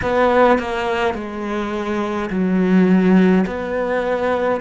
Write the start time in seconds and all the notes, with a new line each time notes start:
0.02 B3
0.58 A#3
1.14 G#3
2.30 F#3
3.46 B3